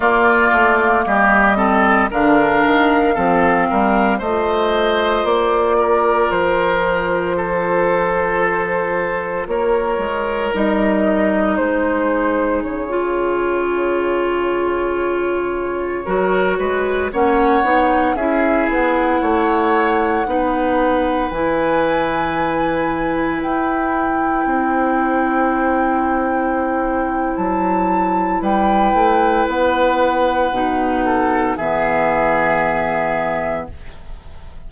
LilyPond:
<<
  \new Staff \with { instrumentName = "flute" } { \time 4/4 \tempo 4 = 57 d''4 dis''4 f''2 | dis''4 d''4 c''2~ | c''4 cis''4 dis''4 c''4 | cis''1~ |
cis''16 fis''4 e''8 fis''2~ fis''16~ | fis''16 gis''2 g''4.~ g''16~ | g''2 a''4 g''4 | fis''2 e''2 | }
  \new Staff \with { instrumentName = "oboe" } { \time 4/4 f'4 g'8 a'8 ais'4 a'8 ais'8 | c''4. ais'4. a'4~ | a'4 ais'2 gis'4~ | gis'2.~ gis'16 ais'8 b'16~ |
b'16 cis''4 gis'4 cis''4 b'8.~ | b'2.~ b'16 c''8.~ | c''2. b'4~ | b'4. a'8 gis'2 | }
  \new Staff \with { instrumentName = "clarinet" } { \time 4/4 ais4. c'8 d'4 c'4 | f'1~ | f'2 dis'2~ | dis'16 f'2. fis'8.~ |
fis'16 cis'8 dis'8 e'2 dis'8.~ | dis'16 e'2.~ e'8.~ | e'1~ | e'4 dis'4 b2 | }
  \new Staff \with { instrumentName = "bassoon" } { \time 4/4 ais8 a8 g4 d8 dis8 f8 g8 | a4 ais4 f2~ | f4 ais8 gis8 g4 gis4 | cis2.~ cis16 fis8 gis16~ |
gis16 ais8 b8 cis'8 b8 a4 b8.~ | b16 e2 e'4 c'8.~ | c'2 fis4 g8 a8 | b4 b,4 e2 | }
>>